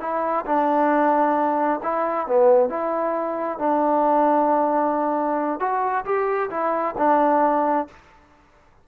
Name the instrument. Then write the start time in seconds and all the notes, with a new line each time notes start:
trombone
0.00 E4
0.46 D4
1.83 E4
2.27 B3
2.69 E4
3.59 D4
5.60 F#4
6.05 G4
6.50 E4
6.98 D4